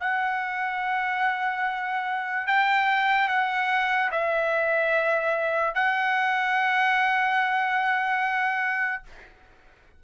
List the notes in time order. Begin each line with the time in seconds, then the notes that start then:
0.00 F#5
2.47 G5
3.28 F#5
4.11 E5
5.74 F#5